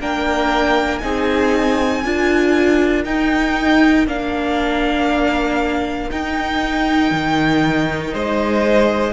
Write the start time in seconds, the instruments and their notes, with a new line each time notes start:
0.00 cello A#3, viola D4, violin A#4 G5
0.98 cello C4, viola D#4, violin G#4 G#5
2.04 cello D4, viola F4, violin A#4
3.04 cello D#4, viola D#4, violin G5
4.06 cello A#3, viola D4, violin F5
6.10 viola D#4, cello D#4, violin G5
7.11 cello D#3
8.13 cello G#3, violin C5 D#5